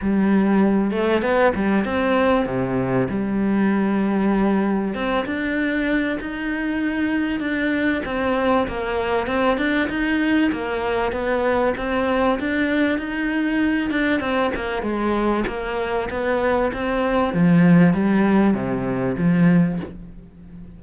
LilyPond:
\new Staff \with { instrumentName = "cello" } { \time 4/4 \tempo 4 = 97 g4. a8 b8 g8 c'4 | c4 g2. | c'8 d'4. dis'2 | d'4 c'4 ais4 c'8 d'8 |
dis'4 ais4 b4 c'4 | d'4 dis'4. d'8 c'8 ais8 | gis4 ais4 b4 c'4 | f4 g4 c4 f4 | }